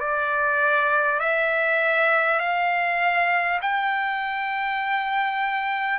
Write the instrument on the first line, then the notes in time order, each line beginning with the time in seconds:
trumpet
0.00 D5
1.19 E5
2.39 F5
3.62 G5